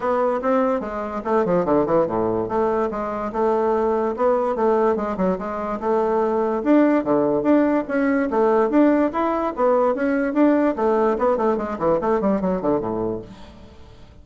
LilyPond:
\new Staff \with { instrumentName = "bassoon" } { \time 4/4 \tempo 4 = 145 b4 c'4 gis4 a8 f8 | d8 e8 a,4 a4 gis4 | a2 b4 a4 | gis8 fis8 gis4 a2 |
d'4 d4 d'4 cis'4 | a4 d'4 e'4 b4 | cis'4 d'4 a4 b8 a8 | gis8 e8 a8 g8 fis8 d8 a,4 | }